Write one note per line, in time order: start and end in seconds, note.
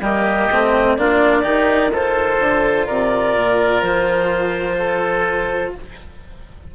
0.00 0.48 G3
0.00 0.50 A#3
0.00 0.96 G4
0.00 0.97 D#5
0.52 0.98 A3
0.52 0.98 C4
0.97 1.44 A#3
0.97 1.43 D4
0.97 1.43 F4
0.97 1.92 D5
1.43 2.39 D#3
1.43 1.90 D#4
1.43 1.90 G4
1.92 5.75 F4
1.92 2.87 A4
1.92 2.87 C5
2.40 2.87 D3
2.87 3.36 C3
2.87 4.77 A#4
2.87 3.82 D5
3.36 3.82 A#2
3.82 5.73 F3
3.82 5.72 C5
4.79 5.74 A4